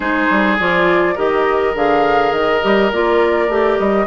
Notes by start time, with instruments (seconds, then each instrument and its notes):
0.00 bassoon G#3, clarinet D#4, oboe G#4, flute C5
0.30 bassoon G3
0.59 bassoon F3, clarinet F4, flute D5
1.14 bassoon D#3, clarinet G4, oboe A#4, flute D#5
1.74 bassoon D3, clarinet G#4, flute F5
2.32 bassoon D#3, flute D#5
2.62 bassoon G3, clarinet G4
2.92 bassoon A#3, clarinet F4, flute D5
3.48 bassoon A3, clarinet G4
3.78 bassoon G3, flute D#5